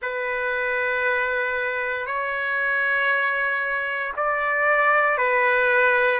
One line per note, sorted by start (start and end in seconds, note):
0.02 2.06 B4
2.06 4.13 C#5
4.16 5.17 D5
5.17 6.20 B4